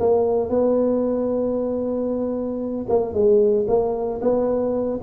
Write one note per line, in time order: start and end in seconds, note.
0.00 0.49 A#3
0.49 2.86 B3
2.89 3.14 A#3
3.14 3.66 G#3
3.68 4.21 A#3
4.22 5.00 B3